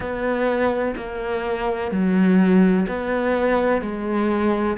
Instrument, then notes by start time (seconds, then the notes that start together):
cello
0.00 B3
0.96 A#3
1.90 F#3
2.88 B3
3.81 G#3